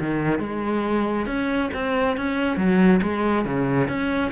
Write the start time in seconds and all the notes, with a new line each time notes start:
0.00 D#3
0.39 G#3
1.26 C#4
1.74 C4
2.17 C#4
2.57 F#3
3.02 G#3
3.45 C#3
3.88 C#4